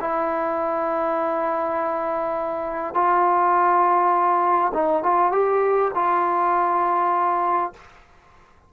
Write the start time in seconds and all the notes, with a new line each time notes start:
0.00 E4
2.94 F4
4.74 D#4
5.03 F4
5.32 G4
5.95 F4